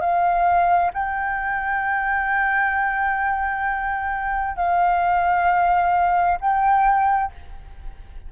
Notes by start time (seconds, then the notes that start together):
0.00 F5
0.93 G5
4.56 F5
6.40 G5